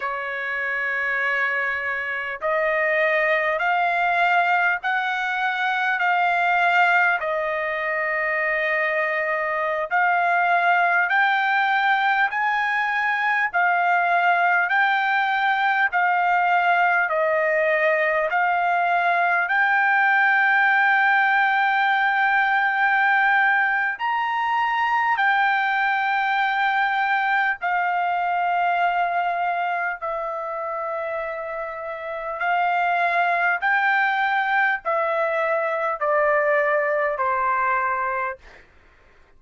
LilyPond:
\new Staff \with { instrumentName = "trumpet" } { \time 4/4 \tempo 4 = 50 cis''2 dis''4 f''4 | fis''4 f''4 dis''2~ | dis''16 f''4 g''4 gis''4 f''8.~ | f''16 g''4 f''4 dis''4 f''8.~ |
f''16 g''2.~ g''8. | ais''4 g''2 f''4~ | f''4 e''2 f''4 | g''4 e''4 d''4 c''4 | }